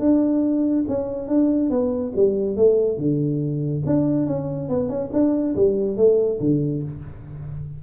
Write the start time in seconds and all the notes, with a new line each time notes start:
0.00 D4
0.88 C#4
1.28 D4
1.70 B3
2.16 G3
2.56 A3
2.98 D3
3.86 D4
4.27 C#4
4.69 B3
4.90 C#4
5.13 D4
5.56 G3
5.97 A3
6.40 D3